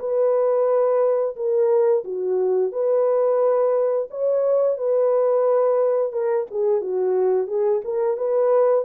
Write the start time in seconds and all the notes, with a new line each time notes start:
0.00 B4
1.36 A#4
2.05 F#4
2.72 B4
4.11 C#5
4.78 B4
6.13 A#4
6.51 G#4
6.82 F#4
7.48 G#4
7.85 A#4
8.18 B4